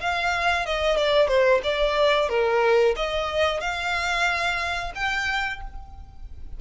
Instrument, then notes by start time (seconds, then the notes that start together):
violin
0.00 F5
0.66 D#5
0.97 D5
1.28 C5
1.63 D5
2.29 A#4
2.96 D#5
3.61 F5
4.95 G5